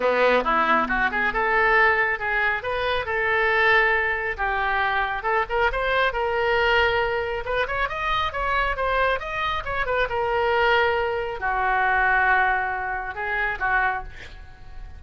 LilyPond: \new Staff \with { instrumentName = "oboe" } { \time 4/4 \tempo 4 = 137 b4 e'4 fis'8 gis'8 a'4~ | a'4 gis'4 b'4 a'4~ | a'2 g'2 | a'8 ais'8 c''4 ais'2~ |
ais'4 b'8 cis''8 dis''4 cis''4 | c''4 dis''4 cis''8 b'8 ais'4~ | ais'2 fis'2~ | fis'2 gis'4 fis'4 | }